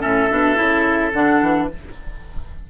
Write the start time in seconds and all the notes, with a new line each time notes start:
0.00 A2 C#4 A4 E5
0.30 B2 D4
0.56 C#3 E4
1.12 D3 D4 F#5
1.41 E3